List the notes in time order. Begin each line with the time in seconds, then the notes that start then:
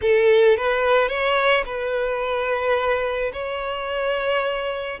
0.01 A4
0.57 B4
1.08 C#5
1.65 B4
3.33 C#5